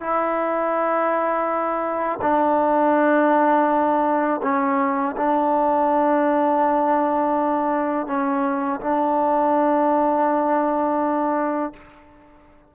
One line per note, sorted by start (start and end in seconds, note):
0.00 2.20 E4
2.21 4.41 D4
4.42 5.16 C#4
5.17 8.07 D4
8.07 8.80 C#4
8.80 11.73 D4